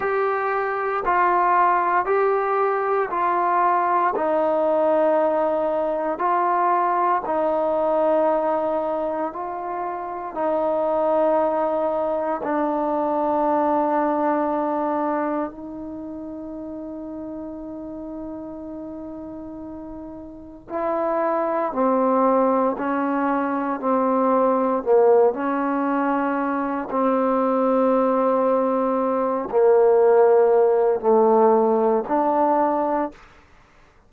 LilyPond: \new Staff \with { instrumentName = "trombone" } { \time 4/4 \tempo 4 = 58 g'4 f'4 g'4 f'4 | dis'2 f'4 dis'4~ | dis'4 f'4 dis'2 | d'2. dis'4~ |
dis'1 | e'4 c'4 cis'4 c'4 | ais8 cis'4. c'2~ | c'8 ais4. a4 d'4 | }